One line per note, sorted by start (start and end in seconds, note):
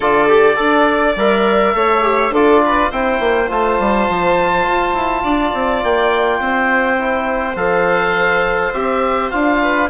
0.00 0.56 D3
0.00 0.28 F4
0.00 0.56 A4
0.00 1.15 D5
0.28 0.56 G4
0.56 1.15 D4
0.56 1.14 A4
0.56 1.74 D5
1.15 1.74 G3
1.15 1.74 A#4
1.15 2.35 E5
1.74 2.30 A3
1.74 2.01 A4
1.74 2.32 C#5
2.01 2.30 G4
2.30 2.88 D4
2.30 2.92 F4
2.30 2.61 A4
2.30 2.92 D5
2.65 2.90 B4
2.90 3.19 C4
2.90 3.47 E4
2.90 5.23 C5
2.90 3.50 G5
3.19 3.48 A#3
3.47 3.79 A3
3.47 6.97 F4
3.47 5.84 A5
3.79 4.08 G3
4.09 4.67 F3
4.67 4.94 F4
4.94 5.23 E4
5.23 5.53 D4
5.23 6.39 D5
5.53 5.83 C4
5.83 6.39 A#3
5.83 7.56 G5
6.39 7.55 C4
6.39 9.61 C5
6.97 7.55 E4
7.55 8.72 F3
7.55 8.73 A4
7.55 8.73 F5
8.73 9.31 C4
8.73 9.31 G4
8.73 9.30 E5
9.30 9.89 D4
9.30 9.89 F4
9.30 9.89 F5
9.61 9.89 B4